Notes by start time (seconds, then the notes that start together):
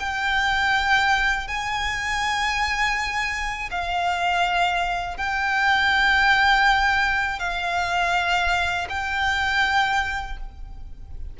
0.00 G5
1.48 G#5
3.71 F5
5.18 G5
7.40 F5
8.89 G5